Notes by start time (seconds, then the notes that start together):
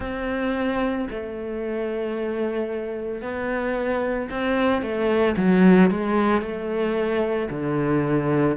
0.00 C4
1.10 A3
3.21 B3
4.30 C4
4.82 A3
5.36 F#3
5.90 G#3
6.41 A3
7.50 D3